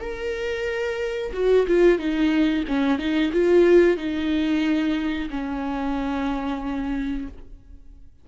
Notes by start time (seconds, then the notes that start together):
0.00 A#4
1.33 F#4
1.67 F4
1.98 D#4
2.68 C#4
2.99 D#4
3.32 F4
3.97 D#4
5.30 C#4